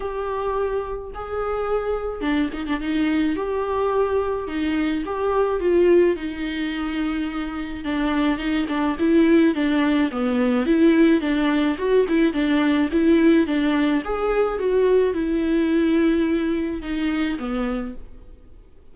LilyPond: \new Staff \with { instrumentName = "viola" } { \time 4/4 \tempo 4 = 107 g'2 gis'2 | d'8 dis'16 d'16 dis'4 g'2 | dis'4 g'4 f'4 dis'4~ | dis'2 d'4 dis'8 d'8 |
e'4 d'4 b4 e'4 | d'4 fis'8 e'8 d'4 e'4 | d'4 gis'4 fis'4 e'4~ | e'2 dis'4 b4 | }